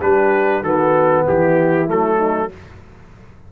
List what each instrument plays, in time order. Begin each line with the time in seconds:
0.00 tuba G3, trombone D4, horn G4, trumpet B4
0.61 tuba D#3, trombone B3, horn F#4, trumpet A4
1.26 tuba E3, horn E4, trumpet G4
1.87 tuba F#3, trombone A3, trumpet A4
2.17 horn D#4